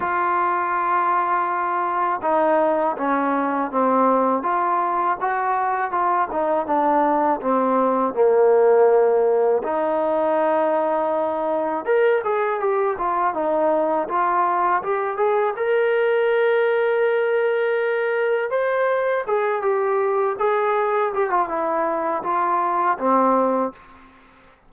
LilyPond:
\new Staff \with { instrumentName = "trombone" } { \time 4/4 \tempo 4 = 81 f'2. dis'4 | cis'4 c'4 f'4 fis'4 | f'8 dis'8 d'4 c'4 ais4~ | ais4 dis'2. |
ais'8 gis'8 g'8 f'8 dis'4 f'4 | g'8 gis'8 ais'2.~ | ais'4 c''4 gis'8 g'4 gis'8~ | gis'8 g'16 f'16 e'4 f'4 c'4 | }